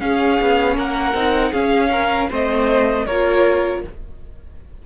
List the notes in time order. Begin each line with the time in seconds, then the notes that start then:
0.00 C#4 G#4 F5
0.42 B3
0.77 A#3 A#4 F#5
1.14 C4 D#4
1.52 C#4 G#4 F5
1.92 A#4
2.30 A3 C4 C5 D#5
3.06 A#3 F4 A#4 C#5